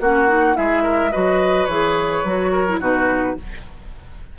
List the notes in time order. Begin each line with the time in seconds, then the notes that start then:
0.00 A#3 C#4 F#4 F#5
0.28 D#4
0.54 G#3 E4 G#4 E5
0.82 A#4
1.11 F#3 F#4 B4 D#5
1.65 E3 G#4 C#5
2.24 F#3 F#4
2.51 A#4
2.68 E4
2.80 B2 D#4 F#4 B4